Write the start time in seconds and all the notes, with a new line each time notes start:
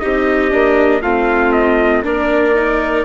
0.00 C4 D#4 G4 D#5
0.51 A#3 D4
1.02 A3 C4 F4 F5
1.53 D#5
2.04 A#3 D4 A#4 D5
2.55 D#4